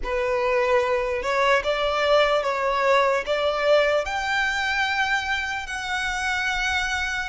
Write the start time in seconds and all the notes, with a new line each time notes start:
0.03 B4
1.22 C#5
1.63 D5
2.43 C#5
3.26 D5
4.05 G5
5.66 F#5